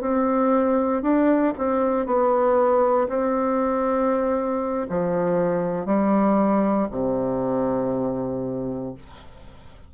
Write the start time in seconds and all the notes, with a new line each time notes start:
0.00 C4
1.02 D4
1.58 C4
2.06 B3
3.08 C4
4.89 F3
5.86 G3
6.91 C3